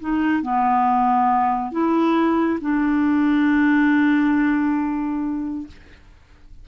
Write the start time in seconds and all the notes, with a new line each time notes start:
0.00 D#4
0.42 B3
1.72 E4
2.61 D4